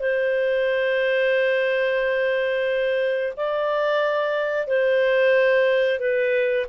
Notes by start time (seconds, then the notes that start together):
0.00 C5
3.37 D5
4.67 C5
6.00 B4